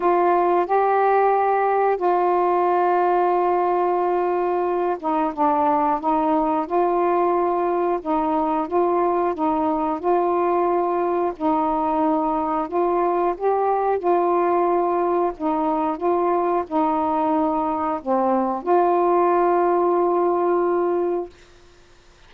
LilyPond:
\new Staff \with { instrumentName = "saxophone" } { \time 4/4 \tempo 4 = 90 f'4 g'2 f'4~ | f'2.~ f'8 dis'8 | d'4 dis'4 f'2 | dis'4 f'4 dis'4 f'4~ |
f'4 dis'2 f'4 | g'4 f'2 dis'4 | f'4 dis'2 c'4 | f'1 | }